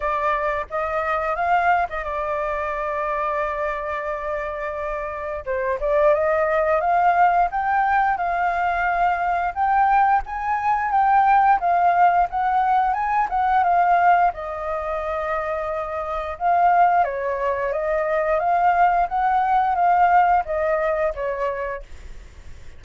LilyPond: \new Staff \with { instrumentName = "flute" } { \time 4/4 \tempo 4 = 88 d''4 dis''4 f''8. dis''16 d''4~ | d''1 | c''8 d''8 dis''4 f''4 g''4 | f''2 g''4 gis''4 |
g''4 f''4 fis''4 gis''8 fis''8 | f''4 dis''2. | f''4 cis''4 dis''4 f''4 | fis''4 f''4 dis''4 cis''4 | }